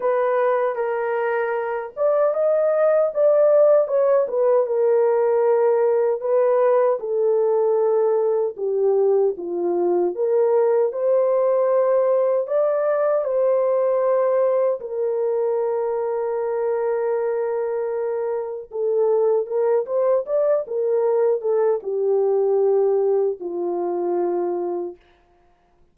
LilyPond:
\new Staff \with { instrumentName = "horn" } { \time 4/4 \tempo 4 = 77 b'4 ais'4. d''8 dis''4 | d''4 cis''8 b'8 ais'2 | b'4 a'2 g'4 | f'4 ais'4 c''2 |
d''4 c''2 ais'4~ | ais'1 | a'4 ais'8 c''8 d''8 ais'4 a'8 | g'2 f'2 | }